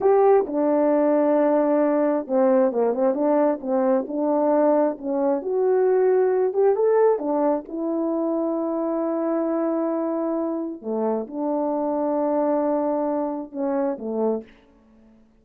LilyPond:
\new Staff \with { instrumentName = "horn" } { \time 4/4 \tempo 4 = 133 g'4 d'2.~ | d'4 c'4 ais8 c'8 d'4 | c'4 d'2 cis'4 | fis'2~ fis'8 g'8 a'4 |
d'4 e'2.~ | e'1 | a4 d'2.~ | d'2 cis'4 a4 | }